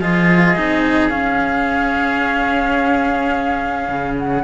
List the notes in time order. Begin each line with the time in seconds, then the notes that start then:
0.00 F3 F4 G#4 D#5
0.56 C4 D#4
1.09 C#4 F5
3.89 C#3
4.18 F#5